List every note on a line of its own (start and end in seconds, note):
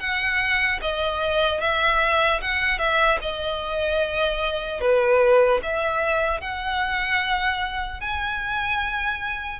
0.00 0.80 F#5
0.81 1.61 D#5
1.61 2.41 E5
2.41 2.79 F#5
2.79 3.19 E5
3.21 4.80 D#5
4.80 5.60 B4
5.63 6.41 E5
6.41 8.01 F#5
8.01 9.60 G#5